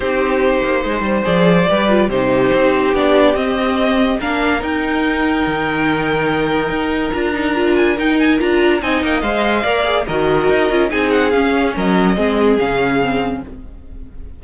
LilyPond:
<<
  \new Staff \with { instrumentName = "violin" } { \time 4/4 \tempo 4 = 143 c''2. d''4~ | d''4 c''2 d''4 | dis''2 f''4 g''4~ | g''1~ |
g''4 ais''4. gis''8 g''8 gis''8 | ais''4 gis''8 g''8 f''2 | dis''2 gis''8 fis''8 f''4 | dis''2 f''2 | }
  \new Staff \with { instrumentName = "violin" } { \time 4/4 g'2 c''2 | b'4 g'2.~ | g'2 ais'2~ | ais'1~ |
ais'1~ | ais'4 dis''2 d''4 | ais'2 gis'2 | ais'4 gis'2. | }
  \new Staff \with { instrumentName = "viola" } { \time 4/4 dis'2. gis'4 | g'8 f'8 dis'2 d'4 | c'2 d'4 dis'4~ | dis'1~ |
dis'4 f'8 dis'8 f'4 dis'4 | f'4 dis'4 c''4 ais'8 gis'8 | fis'4. f'8 dis'4 cis'4~ | cis'4 c'4 cis'4 c'4 | }
  \new Staff \with { instrumentName = "cello" } { \time 4/4 c'4. ais8 gis8 g8 f4 | g4 c4 c'4 b4 | c'2 ais4 dis'4~ | dis'4 dis2. |
dis'4 d'2 dis'4 | d'4 c'8 ais8 gis4 ais4 | dis4 dis'8 cis'8 c'4 cis'4 | fis4 gis4 cis2 | }
>>